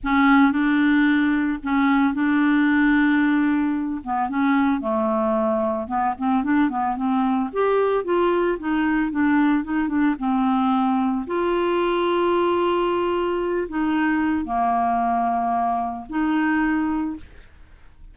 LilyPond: \new Staff \with { instrumentName = "clarinet" } { \time 4/4 \tempo 4 = 112 cis'4 d'2 cis'4 | d'2.~ d'8 b8 | cis'4 a2 b8 c'8 | d'8 b8 c'4 g'4 f'4 |
dis'4 d'4 dis'8 d'8 c'4~ | c'4 f'2.~ | f'4. dis'4. ais4~ | ais2 dis'2 | }